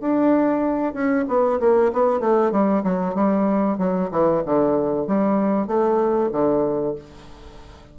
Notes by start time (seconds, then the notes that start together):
0.00 D4
0.93 C#4
1.28 B3
1.60 A#3
1.92 B3
2.20 A3
2.51 G3
2.83 F#3
3.14 G3
3.78 F#3
4.11 E3
4.45 D3
5.07 G3
5.67 A3
6.32 D3